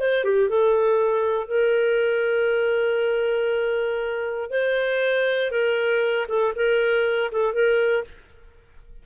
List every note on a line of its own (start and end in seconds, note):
0.00 0.25 C5
0.25 0.50 G4
0.50 1.48 A4
1.48 4.51 A#4
4.51 5.51 C5
5.52 6.27 A#4
6.29 6.54 A4
6.56 7.32 A#4
7.32 7.54 A4
7.54 8.04 A#4